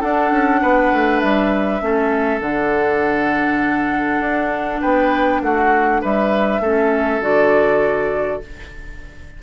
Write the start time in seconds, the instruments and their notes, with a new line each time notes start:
0.00 clarinet D4, bassoon D4, oboe A4, flute F#5
0.32 bassoon C#4
0.62 bassoon B3, oboe B4
0.93 bassoon A3
1.20 bassoon G3, flute E5
1.81 bassoon A3, clarinet C#4, oboe A4
2.40 bassoon D3, clarinet D4, flute F#5
4.20 bassoon D4
4.81 bassoon B3, oboe B4, flute G5
5.42 bassoon A3, oboe F#4, flute F#5
6.01 bassoon G3, oboe B4, flute E5
6.60 bassoon A3, clarinet C#4, oboe A4
7.21 bassoon D3, clarinet F#4, flute D5